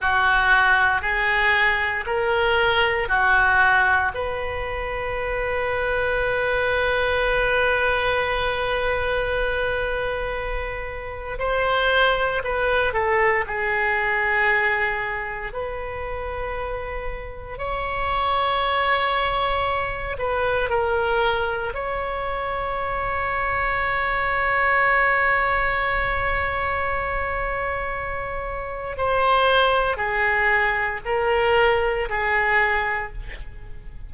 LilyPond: \new Staff \with { instrumentName = "oboe" } { \time 4/4 \tempo 4 = 58 fis'4 gis'4 ais'4 fis'4 | b'1~ | b'2. c''4 | b'8 a'8 gis'2 b'4~ |
b'4 cis''2~ cis''8 b'8 | ais'4 cis''2.~ | cis''1 | c''4 gis'4 ais'4 gis'4 | }